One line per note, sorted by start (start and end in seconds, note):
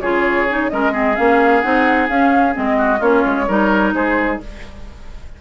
0.00 0.70 C#3
0.00 0.48 F4
0.00 0.70 G#4
0.00 0.69 C#5
0.49 0.70 D#4
0.69 1.18 G#3
0.69 0.92 C#4
0.69 0.92 A#4
0.69 1.15 D#5
0.92 1.15 C4
0.92 2.76 G#4
1.15 1.64 A#3
1.15 1.62 C#4
1.15 1.61 F5
1.61 2.09 C4
1.61 2.08 D#4
1.61 2.07 F#5
2.08 2.55 C#4
2.08 2.52 C#4
2.08 2.55 F5
2.52 3.00 G#3
2.52 2.98 C4
2.52 3.02 D#5
2.77 2.99 F#4
2.99 3.24 A#3
2.99 3.46 C#4
2.99 3.45 F4
2.99 3.94 C#5
3.25 3.48 G#3
3.47 3.93 G3
3.47 4.40 D#4
3.47 3.94 A#4
3.93 4.40 G#3
3.93 4.41 G#4
3.93 4.40 C5